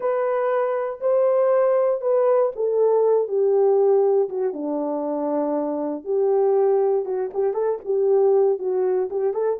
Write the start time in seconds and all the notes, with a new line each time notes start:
0.00 B4
1.00 C5
2.01 B4
2.55 A4
3.28 G4
4.29 F#4
4.53 D4
6.04 G4
7.05 F#4
7.33 G4
7.53 A4
7.84 G4
8.59 F#4
9.10 G4
9.33 A4